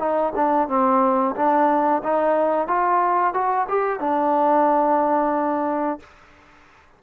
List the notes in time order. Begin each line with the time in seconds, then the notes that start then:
0.00 D#4
0.36 D4
0.69 C4
1.36 D4
2.04 D#4
2.68 F4
3.34 F#4
3.69 G4
4.00 D4